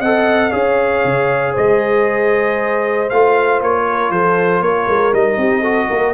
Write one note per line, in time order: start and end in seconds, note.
0.00 0.52 C4
0.00 0.52 A4
0.00 0.51 D#5
0.00 0.52 F#5
0.51 1.05 C#4
0.51 3.08 G#4
0.51 1.53 C#5
0.51 1.54 F5
1.05 1.56 C#3
1.53 3.12 G#3
1.53 3.84 C5
1.53 3.10 D#5
3.10 3.62 A3
3.10 5.14 F4
3.10 3.61 F5
3.62 4.11 A#3
3.62 4.12 C#5
3.89 4.13 A#4
4.11 4.61 F3
4.11 4.64 A4
4.11 4.63 C5
4.61 4.87 A#3
4.61 5.40 A#4
4.61 5.14 C#5
4.88 5.13 G#3
5.13 5.38 G3
5.13 5.64 D#4
5.13 6.14 D#5
5.38 5.89 C4
5.38 5.61 G4
5.61 6.14 F#4
5.61 5.87 A4
5.89 6.14 A#3
5.89 6.14 A#4